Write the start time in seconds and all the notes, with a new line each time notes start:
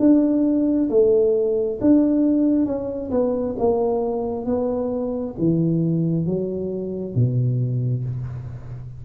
0.00 D4
0.90 A3
1.81 D4
2.66 C#4
3.11 B3
3.59 A#3
4.46 B3
5.39 E3
6.26 F#3
7.15 B2